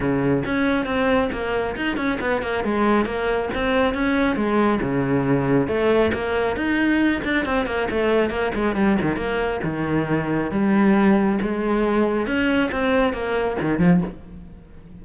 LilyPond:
\new Staff \with { instrumentName = "cello" } { \time 4/4 \tempo 4 = 137 cis4 cis'4 c'4 ais4 | dis'8 cis'8 b8 ais8 gis4 ais4 | c'4 cis'4 gis4 cis4~ | cis4 a4 ais4 dis'4~ |
dis'8 d'8 c'8 ais8 a4 ais8 gis8 | g8 dis8 ais4 dis2 | g2 gis2 | cis'4 c'4 ais4 dis8 f8 | }